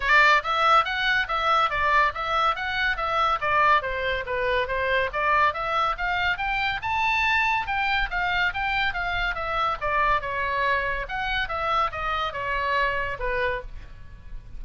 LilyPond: \new Staff \with { instrumentName = "oboe" } { \time 4/4 \tempo 4 = 141 d''4 e''4 fis''4 e''4 | d''4 e''4 fis''4 e''4 | d''4 c''4 b'4 c''4 | d''4 e''4 f''4 g''4 |
a''2 g''4 f''4 | g''4 f''4 e''4 d''4 | cis''2 fis''4 e''4 | dis''4 cis''2 b'4 | }